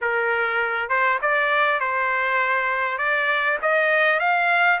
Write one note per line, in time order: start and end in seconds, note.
0.01 0.89 A#4
0.89 1.19 C5
1.21 1.79 D5
1.79 2.98 C5
2.98 3.58 D5
3.62 4.19 D#5
4.19 4.79 F5